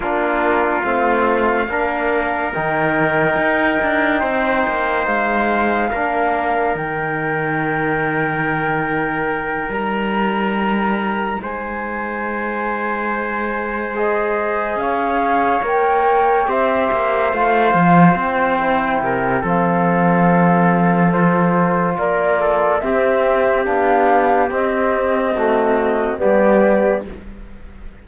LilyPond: <<
  \new Staff \with { instrumentName = "flute" } { \time 4/4 \tempo 4 = 71 ais'4 f''2 g''4~ | g''2 f''2 | g''2.~ g''8 ais''8~ | ais''4. gis''2~ gis''8~ |
gis''8 dis''4 f''4 g''4 e''8~ | e''8 f''4 g''4. f''4~ | f''4 c''4 d''4 e''4 | f''4 dis''2 d''4 | }
  \new Staff \with { instrumentName = "trumpet" } { \time 4/4 f'2 ais'2~ | ais'4 c''2 ais'4~ | ais'1~ | ais'4. c''2~ c''8~ |
c''4. cis''2 c''8~ | c''2~ c''8 ais'8 a'4~ | a'2 ais'8 a'8 g'4~ | g'2 fis'4 g'4 | }
  \new Staff \with { instrumentName = "trombone" } { \time 4/4 d'4 c'4 d'4 dis'4~ | dis'2. d'4 | dis'1~ | dis'1~ |
dis'8 gis'2 ais'4 g'8~ | g'8 f'4. e'4 c'4~ | c'4 f'2 c'4 | d'4 c'4 a4 b4 | }
  \new Staff \with { instrumentName = "cello" } { \time 4/4 ais4 a4 ais4 dis4 | dis'8 d'8 c'8 ais8 gis4 ais4 | dis2.~ dis8 g8~ | g4. gis2~ gis8~ |
gis4. cis'4 ais4 c'8 | ais8 a8 f8 c'4 c8 f4~ | f2 ais4 c'4 | b4 c'2 g4 | }
>>